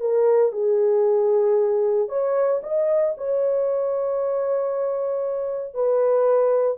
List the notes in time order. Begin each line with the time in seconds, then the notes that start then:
0.00 A#4
0.52 G#4
2.08 C#5
2.63 D#5
3.17 C#5
5.74 B4